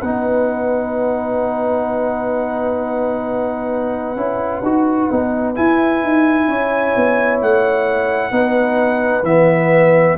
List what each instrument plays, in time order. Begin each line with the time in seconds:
0.00 tuba B3, trombone D#4, horn B4, trumpet F#5
4.16 tuba C#4, trombone E4
4.62 tuba D#4, trombone F#4
5.10 tuba B3, trombone D#4
5.54 trombone E4, tuba E4, trumpet G#5
6.03 tuba D#4
6.47 tuba C#4, horn C#5
6.96 tuba B3
7.41 tuba A3, trumpet F#5
8.31 tuba B3, trombone D#4, horn B4
9.23 tuba E3, trombone B3, trumpet E5